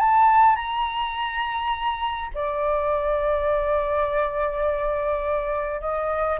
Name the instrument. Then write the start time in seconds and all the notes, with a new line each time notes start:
flute
0.00 A5
0.56 A#5
2.35 D5
5.81 D#5